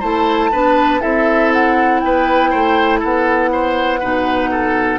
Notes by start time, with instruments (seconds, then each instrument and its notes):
0.00 bassoon A3, clarinet E4, oboe C5, flute A5
0.52 bassoon B3, clarinet D4, oboe B4
1.01 bassoon C4, clarinet E4, oboe A4, flute E5
1.53 flute F#5
2.00 bassoon B3, oboe B4, flute G5
2.51 bassoon A3, oboe C5
3.00 bassoon B3, oboe A4, flute F#5
3.52 oboe C5
4.00 bassoon B2, clarinet D#4, oboe B4
4.51 oboe A4